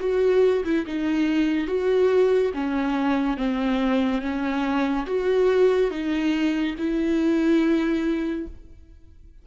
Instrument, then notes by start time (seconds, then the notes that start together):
viola
0.00 F#4
0.65 E4
0.86 D#4
1.67 F#4
2.54 C#4
3.37 C4
4.22 C#4
5.07 F#4
5.91 D#4
6.78 E4